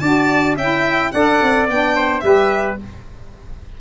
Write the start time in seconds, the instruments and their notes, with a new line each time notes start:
0.00 tuba D4, saxophone F#4, trumpet D5, violin A5
0.56 tuba C#4, saxophone E4, trumpet E5, violin G5
1.12 tuba D4, saxophone A4, trumpet D5, violin F#5
1.43 tuba C4
1.68 tuba B3, saxophone D4, violin G5
1.96 trumpet C5
2.20 tuba G3, saxophone G4, trumpet B4, violin E5